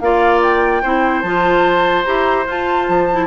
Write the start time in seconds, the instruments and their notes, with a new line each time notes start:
0.00 bassoon A#3, clarinet F4, oboe D5, flute F5
0.43 flute G5
0.83 bassoon C4, clarinet E4, oboe C5
1.22 bassoon F3, clarinet F4, flute A5
2.05 bassoon E4, clarinet G4, flute A#5
2.47 bassoon F4, clarinet F4, flute A5
2.89 bassoon F3
3.13 clarinet E4